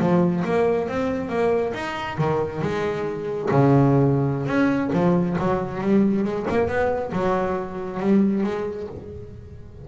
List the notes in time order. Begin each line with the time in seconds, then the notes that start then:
0.00 F3
0.45 A#3
0.88 C4
1.30 A#3
1.74 D#4
2.18 D#3
2.62 G#3
3.51 C#3
4.47 C#4
4.93 F3
5.39 F#3
5.81 G3
6.25 G#3
6.50 A#3
6.68 B3
7.13 F#3
8.00 G3
8.44 G#3